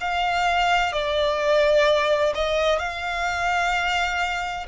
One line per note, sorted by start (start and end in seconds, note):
0.00 0.92 F5
0.92 2.33 D5
2.34 2.78 D#5
2.78 4.66 F5